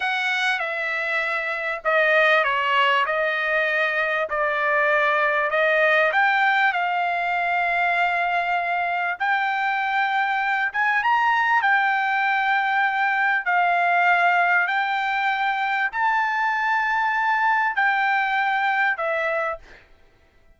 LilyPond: \new Staff \with { instrumentName = "trumpet" } { \time 4/4 \tempo 4 = 98 fis''4 e''2 dis''4 | cis''4 dis''2 d''4~ | d''4 dis''4 g''4 f''4~ | f''2. g''4~ |
g''4. gis''8 ais''4 g''4~ | g''2 f''2 | g''2 a''2~ | a''4 g''2 e''4 | }